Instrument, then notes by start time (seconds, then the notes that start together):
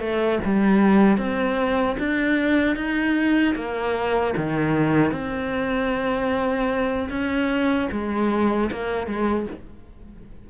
cello
0.00 A3
0.45 G3
1.18 C4
1.99 D4
2.76 D#4
3.56 A#3
4.37 D#3
5.12 C4
7.10 C#4
7.92 G#3
8.72 A#3
9.08 G#3